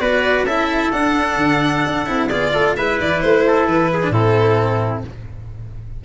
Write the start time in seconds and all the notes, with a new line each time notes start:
0.00 B3 F#4 B4 D5
0.44 C#4 E4 A4 E5
0.92 D4 F#5
1.37 D3
1.87 D4
2.06 C4 E4
2.29 B3 F4 G#4 D5
2.53 A3 A4
2.76 G#3 E4 B4 E5
3.00 E3 D5
3.21 A3 C5
3.47 A4
3.67 E3 B4
3.94 G#4
4.03 D4
4.10 A2 C4 E4 A4